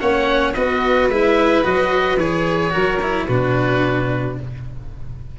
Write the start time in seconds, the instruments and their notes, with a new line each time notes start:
0.00 tuba A#3, cello C#4, violin C#5, oboe F#5
0.54 tuba B3, cello F#4, violin B4, oboe D#5
1.09 tuba G#3, cello E4, oboe E5
1.63 tuba F#3, cello F#4, oboe D#5
2.17 tuba E3, cello G#4, oboe C#5
2.71 tuba F#3, cello F#4, violin A#4
3.02 cello E4
3.27 tuba B2, cello D4, violin F#4, oboe B4